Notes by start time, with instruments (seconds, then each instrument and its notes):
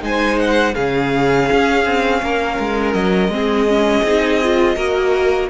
0.00 cello G#3, viola D#4, violin C5 G#5
0.38 violin F#5
0.74 cello C#3, viola C#4, violin G#4 F5
1.51 cello C#4
1.85 cello C4
2.22 cello A#3, violin A#4
2.59 cello G#3
2.93 cello F#3, violin D#5
3.28 cello G#3, viola C4
3.34 violin G#4
3.67 viola C#4
4.03 cello C4, viola D#4
4.43 viola F4
4.75 cello A#3, viola F#4, violin A#4